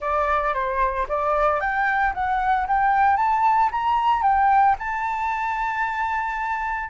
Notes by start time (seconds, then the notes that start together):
0.00 D5
0.53 C5
1.08 D5
1.60 G5
2.14 F#5
2.67 G5
3.16 A5
3.71 A#5
4.22 G5
4.78 A5